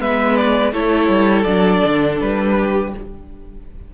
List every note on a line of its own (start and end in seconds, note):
0.00 0.73 G#3
0.00 0.73 B3
0.00 0.73 B4
0.00 0.36 E5
0.36 0.73 D5
0.73 1.09 A3
0.73 1.46 E4
0.73 2.56 A4
0.73 1.43 C#5
1.09 1.45 G3
1.43 1.83 F#3
1.43 2.93 D4
1.43 2.16 D5
1.85 2.21 D3
2.21 2.95 G3
2.21 2.94 B4
2.58 2.94 G4